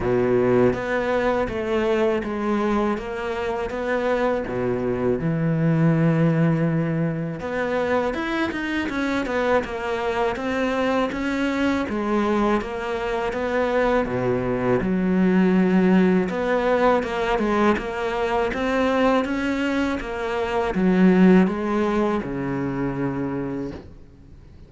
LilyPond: \new Staff \with { instrumentName = "cello" } { \time 4/4 \tempo 4 = 81 b,4 b4 a4 gis4 | ais4 b4 b,4 e4~ | e2 b4 e'8 dis'8 | cis'8 b8 ais4 c'4 cis'4 |
gis4 ais4 b4 b,4 | fis2 b4 ais8 gis8 | ais4 c'4 cis'4 ais4 | fis4 gis4 cis2 | }